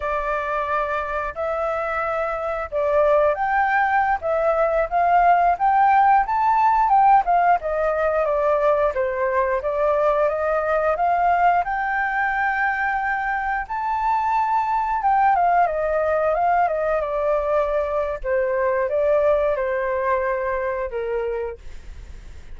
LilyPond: \new Staff \with { instrumentName = "flute" } { \time 4/4 \tempo 4 = 89 d''2 e''2 | d''4 g''4~ g''16 e''4 f''8.~ | f''16 g''4 a''4 g''8 f''8 dis''8.~ | dis''16 d''4 c''4 d''4 dis''8.~ |
dis''16 f''4 g''2~ g''8.~ | g''16 a''2 g''8 f''8 dis''8.~ | dis''16 f''8 dis''8 d''4.~ d''16 c''4 | d''4 c''2 ais'4 | }